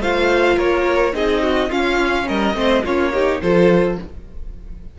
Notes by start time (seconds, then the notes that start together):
0.00 A3 F4 C5 F5
0.56 A#3 A#4 C#5
1.13 C4 D#4 G#4 D#5
1.43 F#4
1.69 C#4 F4 F5
2.27 G3 A#4 D#5
2.54 A3 C4 C5
2.83 A#3 C#4 F4 C#5
3.13 D#4 G4
3.41 F3 F4 A4 C5